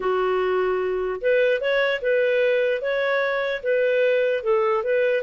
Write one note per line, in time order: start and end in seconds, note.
0.00 1.20 F#4
1.21 1.60 B4
1.60 2.01 C#5
2.01 2.81 B4
2.81 3.61 C#5
3.62 4.43 B4
4.43 4.83 A4
4.83 5.23 B4